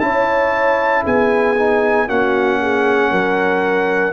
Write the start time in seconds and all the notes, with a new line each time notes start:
0.00 C#4 E4 C#5 A5
1.03 B3 G#4 G#5
1.58 D#4
2.07 A#3 C#4 F#4 F#5
2.61 G#4
3.11 F#3 A#4